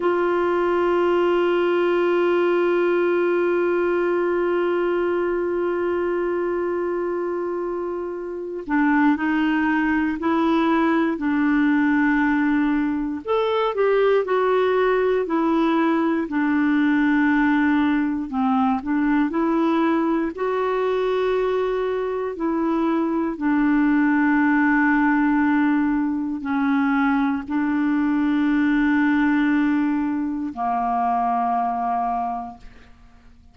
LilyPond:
\new Staff \with { instrumentName = "clarinet" } { \time 4/4 \tempo 4 = 59 f'1~ | f'1~ | f'8 d'8 dis'4 e'4 d'4~ | d'4 a'8 g'8 fis'4 e'4 |
d'2 c'8 d'8 e'4 | fis'2 e'4 d'4~ | d'2 cis'4 d'4~ | d'2 ais2 | }